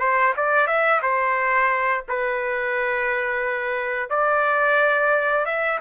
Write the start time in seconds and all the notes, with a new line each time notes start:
0.00 C5
0.37 D5
0.67 E5
1.03 C5
2.09 B4
4.10 D5
5.46 E5